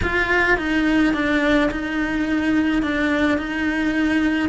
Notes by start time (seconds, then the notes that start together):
0.02 F4
0.57 D#4
1.13 D4
1.71 D#4
2.82 D4
3.38 D#4